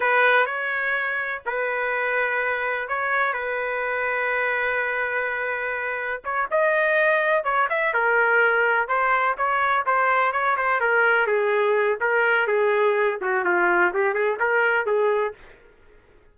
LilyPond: \new Staff \with { instrumentName = "trumpet" } { \time 4/4 \tempo 4 = 125 b'4 cis''2 b'4~ | b'2 cis''4 b'4~ | b'1~ | b'4 cis''8 dis''2 cis''8 |
e''8 ais'2 c''4 cis''8~ | cis''8 c''4 cis''8 c''8 ais'4 gis'8~ | gis'4 ais'4 gis'4. fis'8 | f'4 g'8 gis'8 ais'4 gis'4 | }